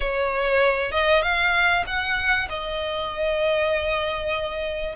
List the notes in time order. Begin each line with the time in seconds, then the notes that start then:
0.00 C#5
0.91 D#5
1.22 F5
1.86 F#5
2.49 D#5